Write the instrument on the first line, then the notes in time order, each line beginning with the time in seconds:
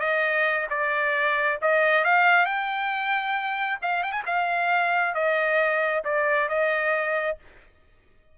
trumpet
0.00 D#5
0.70 D5
1.62 D#5
2.04 F5
2.45 G5
3.82 F5
4.03 G5
4.12 G#5
4.26 F5
5.14 D#5
6.04 D5
6.49 D#5